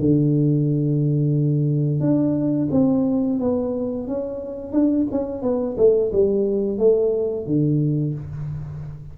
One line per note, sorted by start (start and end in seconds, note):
0.00 2.01 D3
2.01 2.69 D4
2.72 3.40 C4
3.40 4.08 B3
4.08 4.73 C#4
4.73 5.07 D4
5.12 5.43 C#4
5.43 5.77 B3
5.78 6.12 A3
6.13 6.78 G3
6.78 7.47 A3
7.47 8.15 D3